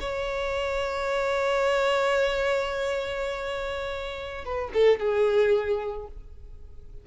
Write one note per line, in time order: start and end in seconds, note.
0.00 4.45 C#5
4.45 4.72 B4
4.74 4.99 A4
4.99 6.07 G#4